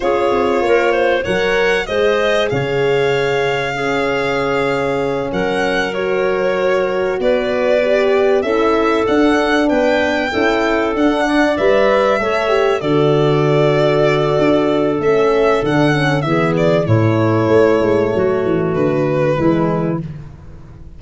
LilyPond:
<<
  \new Staff \with { instrumentName = "violin" } { \time 4/4 \tempo 4 = 96 cis''2 fis''4 dis''4 | f''1~ | f''8 fis''4 cis''2 d''8~ | d''4. e''4 fis''4 g''8~ |
g''4. fis''4 e''4.~ | e''8 d''2.~ d''8 | e''4 fis''4 e''8 d''8 cis''4~ | cis''2 b'2 | }
  \new Staff \with { instrumentName = "clarinet" } { \time 4/4 gis'4 ais'8 c''8 cis''4 c''4 | cis''2 gis'2~ | gis'8 ais'2. b'8~ | b'4. a'2 b'8~ |
b'8 a'4. d''4. cis''8~ | cis''8 a'2.~ a'8~ | a'2 gis'4 e'4~ | e'4 fis'2 e'4 | }
  \new Staff \with { instrumentName = "horn" } { \time 4/4 f'2 ais'4 gis'4~ | gis'2 cis'2~ | cis'4. fis'2~ fis'8~ | fis'8 g'4 e'4 d'4.~ |
d'8 e'4 d'4 b'4 a'8 | g'8 fis'2.~ fis'8 | cis'4 d'8 cis'8 b4 a4~ | a2. gis4 | }
  \new Staff \with { instrumentName = "tuba" } { \time 4/4 cis'8 c'8 ais4 fis4 gis4 | cis1~ | cis8 fis2. b8~ | b4. cis'4 d'4 b8~ |
b8 cis'4 d'4 g4 a8~ | a8 d2~ d8 d'4 | a4 d4 e4 a,4 | a8 gis8 fis8 e8 d4 e4 | }
>>